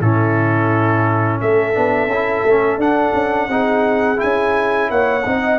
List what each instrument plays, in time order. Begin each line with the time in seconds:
0.00 tuba A2, trombone C#4, horn E4, trumpet A4
1.41 tuba A3, horn A4, trumpet E5
1.73 tuba B3, trombone D4
2.06 tuba C#4
2.12 trombone E4
2.45 tuba A3, trombone C#4
2.77 tuba D4, trombone D4, trumpet F#5
3.13 tuba C#4
3.48 tuba C4, trombone D#4, horn G#4
4.16 trombone E4, trumpet G#5
4.23 tuba C#4
4.90 tuba A#3, horn C#5, trumpet F#5
5.25 tuba C4, trombone D#4, horn D#5